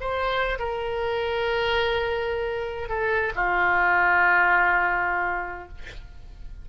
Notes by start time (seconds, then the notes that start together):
0.00 C5
0.59 A#4
2.88 A4
3.35 F4